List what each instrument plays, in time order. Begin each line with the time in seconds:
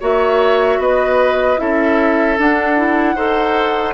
0.00 bassoon A#3, clarinet F#4, oboe C#5, flute E5
0.78 bassoon B3, oboe B4, flute D#5
1.57 bassoon C#4, clarinet E4, oboe A4, flute E5
2.38 bassoon D4, clarinet D4, flute F#5
2.77 clarinet E4
3.15 bassoon D#4, clarinet A4, oboe C5